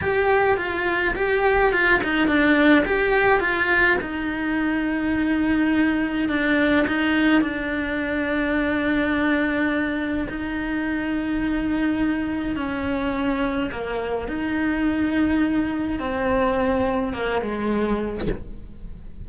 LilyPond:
\new Staff \with { instrumentName = "cello" } { \time 4/4 \tempo 4 = 105 g'4 f'4 g'4 f'8 dis'8 | d'4 g'4 f'4 dis'4~ | dis'2. d'4 | dis'4 d'2.~ |
d'2 dis'2~ | dis'2 cis'2 | ais4 dis'2. | c'2 ais8 gis4. | }